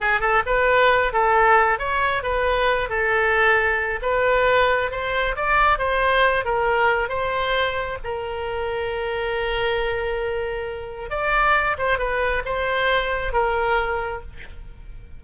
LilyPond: \new Staff \with { instrumentName = "oboe" } { \time 4/4 \tempo 4 = 135 gis'8 a'8 b'4. a'4. | cis''4 b'4. a'4.~ | a'4 b'2 c''4 | d''4 c''4. ais'4. |
c''2 ais'2~ | ais'1~ | ais'4 d''4. c''8 b'4 | c''2 ais'2 | }